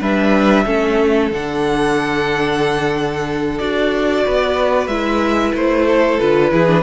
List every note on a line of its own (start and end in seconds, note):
0.00 0.66 G3
0.00 0.65 D4
0.00 0.65 B4
0.00 1.32 E5
0.65 1.31 A3
0.65 1.31 C#4
0.65 4.25 A4
1.31 3.60 D3
1.31 3.61 D4
1.31 3.58 F#5
3.58 4.26 D4
3.58 4.90 F#4
3.58 4.87 D5
4.25 4.87 B3
4.25 5.86 B4
4.87 5.53 G#3
4.87 6.20 E4
4.87 5.52 E5
5.54 6.19 A3
5.54 6.20 C5
5.86 6.51 A4
6.20 6.52 D3
6.20 6.51 F4
6.20 6.83 B4
6.51 6.83 E3
6.51 6.67 E4
6.51 6.83 G#4
6.67 6.83 D4